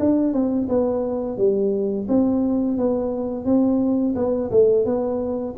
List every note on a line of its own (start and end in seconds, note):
0.00 0.33 D4
0.33 0.68 C4
0.69 1.38 B3
1.38 2.07 G3
2.08 2.78 C4
2.78 3.45 B3
3.45 4.15 C4
4.16 4.51 B3
4.51 4.86 A3
4.86 5.55 B3